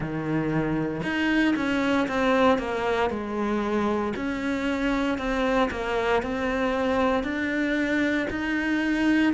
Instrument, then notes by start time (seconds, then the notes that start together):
cello
0.00 D#3
1.03 D#4
1.56 C#4
2.07 C4
2.58 A#3
3.09 G#3
4.16 C#4
5.18 C4
5.70 A#3
6.22 C4
7.23 D4
8.29 D#4